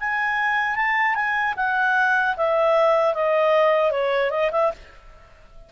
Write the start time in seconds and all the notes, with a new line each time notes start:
0.00 G#5
0.75 A5
1.14 G#5
1.56 F#5
2.37 E5
3.14 D#5
3.91 C#5
4.30 D#5
4.51 E5